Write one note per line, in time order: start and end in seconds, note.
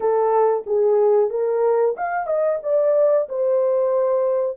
0.00 0.64 A4
0.66 1.30 G#4
1.30 1.95 A#4
1.96 2.26 F5
2.26 2.59 D#5
2.62 3.28 D5
3.28 4.57 C5